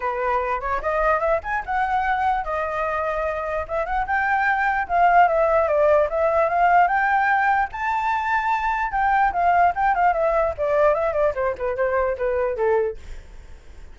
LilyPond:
\new Staff \with { instrumentName = "flute" } { \time 4/4 \tempo 4 = 148 b'4. cis''8 dis''4 e''8 gis''8 | fis''2 dis''2~ | dis''4 e''8 fis''8 g''2 | f''4 e''4 d''4 e''4 |
f''4 g''2 a''4~ | a''2 g''4 f''4 | g''8 f''8 e''4 d''4 e''8 d''8 | c''8 b'8 c''4 b'4 a'4 | }